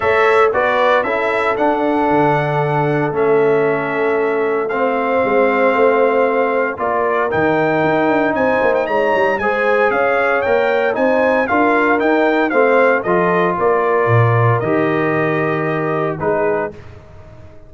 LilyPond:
<<
  \new Staff \with { instrumentName = "trumpet" } { \time 4/4 \tempo 4 = 115 e''4 d''4 e''4 fis''4~ | fis''2 e''2~ | e''4 f''2.~ | f''4 d''4 g''2 |
gis''8. g''16 ais''4 gis''4 f''4 | g''4 gis''4 f''4 g''4 | f''4 dis''4 d''2 | dis''2. b'4 | }
  \new Staff \with { instrumentName = "horn" } { \time 4/4 cis''4 b'4 a'2~ | a'1~ | a'4 c''2.~ | c''4 ais'2. |
c''4 cis''4 c''4 cis''4~ | cis''4 c''4 ais'2 | c''4 a'4 ais'2~ | ais'2. gis'4 | }
  \new Staff \with { instrumentName = "trombone" } { \time 4/4 a'4 fis'4 e'4 d'4~ | d'2 cis'2~ | cis'4 c'2.~ | c'4 f'4 dis'2~ |
dis'2 gis'2 | ais'4 dis'4 f'4 dis'4 | c'4 f'2. | g'2. dis'4 | }
  \new Staff \with { instrumentName = "tuba" } { \time 4/4 a4 b4 cis'4 d'4 | d2 a2~ | a2 gis4 a4~ | a4 ais4 dis4 dis'8 d'8 |
c'8 ais8 gis8 g8 gis4 cis'4 | ais4 c'4 d'4 dis'4 | a4 f4 ais4 ais,4 | dis2. gis4 | }
>>